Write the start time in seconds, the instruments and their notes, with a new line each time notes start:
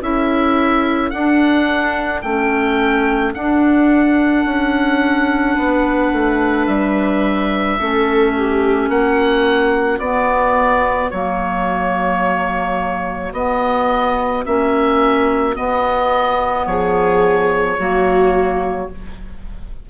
0.00 bassoon C#4, clarinet E4, viola A4, oboe E5
1.10 clarinet D4, bassoon D4, oboe F#5
2.22 bassoon A3, clarinet C#4, oboe G5
3.34 clarinet D4, bassoon D4, oboe F#5
4.46 bassoon C#4
5.56 bassoon B3, viola B4
6.13 bassoon A3
6.67 bassoon G3, oboe E5
7.80 bassoon A3, clarinet C#4, viola A4
8.37 viola G4
8.89 bassoon A#3, viola F#4, oboe F#5
10.00 bassoon B3, clarinet B3, oboe D5
11.11 bassoon F#3, clarinet A#3, oboe C#5
13.33 bassoon B3, clarinet B3, oboe D#5
14.45 bassoon A#3, clarinet C#4, oboe E5
15.54 clarinet B3, bassoon B3, oboe D#5
16.67 bassoon F3, viola G#4, oboe C#5
17.79 bassoon F#3, clarinet A#3, viola F#4